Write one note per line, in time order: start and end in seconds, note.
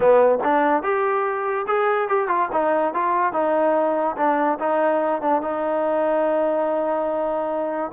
0.00 0.38 B3
0.43 0.82 D4
0.82 1.66 G4
1.67 2.08 G#4
2.08 2.27 G4
2.27 2.48 F4
2.52 2.94 D#4
2.94 3.32 F4
3.32 4.16 D#4
4.16 4.58 D4
4.59 5.21 D#4
5.21 5.41 D4
5.41 7.91 D#4